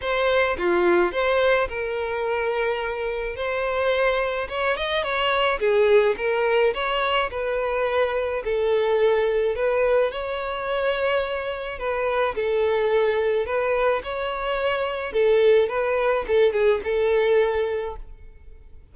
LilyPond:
\new Staff \with { instrumentName = "violin" } { \time 4/4 \tempo 4 = 107 c''4 f'4 c''4 ais'4~ | ais'2 c''2 | cis''8 dis''8 cis''4 gis'4 ais'4 | cis''4 b'2 a'4~ |
a'4 b'4 cis''2~ | cis''4 b'4 a'2 | b'4 cis''2 a'4 | b'4 a'8 gis'8 a'2 | }